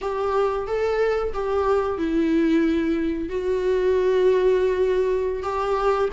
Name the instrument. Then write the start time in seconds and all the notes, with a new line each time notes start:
viola
0.01 G4
0.67 A4
1.33 G4
1.98 E4
3.29 F#4
5.42 G4